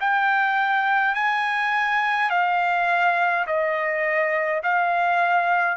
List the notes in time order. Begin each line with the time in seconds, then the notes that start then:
0.00 G5
1.15 G#5
2.30 F5
3.47 D#5
4.63 F5